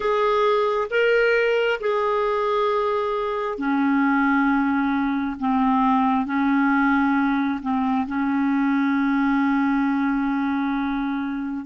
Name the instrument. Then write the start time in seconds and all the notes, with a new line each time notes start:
clarinet
0.00 G#4
0.90 A#4
1.80 G#4
3.57 C#4
5.39 C4
6.26 C#4
7.62 C4
8.07 C#4